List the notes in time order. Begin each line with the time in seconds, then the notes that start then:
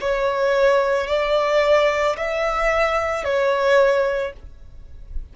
0.00 C#5
1.07 D5
2.16 E5
3.24 C#5